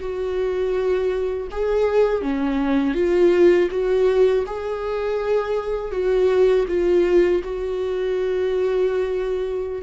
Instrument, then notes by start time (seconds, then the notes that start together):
viola
0.00 F#4
1.52 G#4
2.22 C#4
2.95 F4
3.71 F#4
4.47 G#4
5.92 F#4
6.68 F4
7.44 F#4